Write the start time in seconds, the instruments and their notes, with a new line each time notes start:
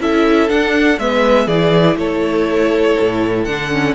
0.00 cello C#4, viola E4, violin A4 E5
0.49 viola D4, cello D4, violin F#5
0.99 cello G#3, viola B3, violin B4 E5
1.47 cello E3, violin G#4 D5
1.54 viola E4
1.97 cello A3, violin A4 C#5
3.00 cello A2
3.45 cello D3, viola D4, violin F#5
3.72 viola C#4